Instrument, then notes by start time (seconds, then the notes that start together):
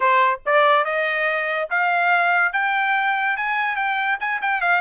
trumpet
0.00 C5
0.45 D5
0.84 D#5
1.70 F5
2.53 G5
3.37 G#5
3.76 G5
4.20 G#5
4.41 G5
4.61 F5